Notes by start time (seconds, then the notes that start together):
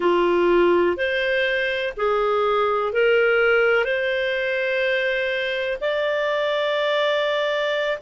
0.00 F4
0.96 C5
1.96 G#4
2.93 A#4
3.84 C5
5.80 D5